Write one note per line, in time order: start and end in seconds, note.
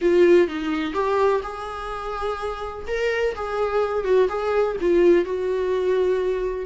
0.01 0.47 F4
0.47 0.93 D#4
0.93 1.41 G4
1.42 2.85 G#4
2.87 3.35 A#4
3.35 4.04 G#4
4.04 4.28 F#4
4.29 4.76 G#4
4.81 5.24 F4
5.24 6.65 F#4